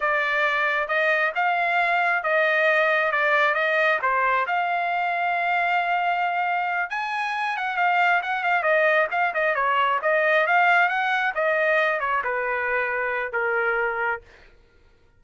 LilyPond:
\new Staff \with { instrumentName = "trumpet" } { \time 4/4 \tempo 4 = 135 d''2 dis''4 f''4~ | f''4 dis''2 d''4 | dis''4 c''4 f''2~ | f''2.~ f''8 gis''8~ |
gis''4 fis''8 f''4 fis''8 f''8 dis''8~ | dis''8 f''8 dis''8 cis''4 dis''4 f''8~ | f''8 fis''4 dis''4. cis''8 b'8~ | b'2 ais'2 | }